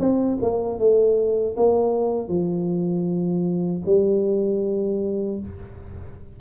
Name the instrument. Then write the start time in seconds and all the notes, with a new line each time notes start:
tuba
0.00 C4
0.42 A#3
0.79 A3
1.57 A#3
2.29 F3
3.86 G3